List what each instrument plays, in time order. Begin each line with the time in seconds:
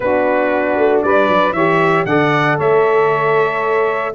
0.00 tuba B3, horn D4, saxophone F#4, trumpet B4
0.77 tuba A3
1.02 tuba G3, saxophone B4, trumpet D5
1.28 tuba F#3
1.52 tuba E3, horn G4, saxophone C#5, trumpet E5
2.05 tuba D3, horn A4, saxophone D5, trumpet F#5
2.57 tuba A3, saxophone C#5, trumpet E5